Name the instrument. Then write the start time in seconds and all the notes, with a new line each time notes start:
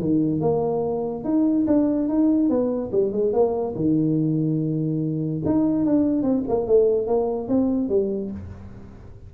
tuba
0.00 D#3
0.41 A#3
1.25 D#4
1.68 D4
2.09 D#4
2.50 B3
2.92 G3
3.12 G#3
3.33 A#3
3.76 D#3
5.46 D#4
5.86 D4
6.23 C4
6.49 A#3
6.67 A3
7.07 A#3
7.48 C4
7.90 G3